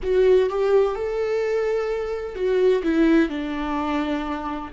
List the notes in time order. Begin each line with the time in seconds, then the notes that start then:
0.03 F#4
0.49 G4
0.95 A4
2.35 F#4
2.83 E4
3.29 D4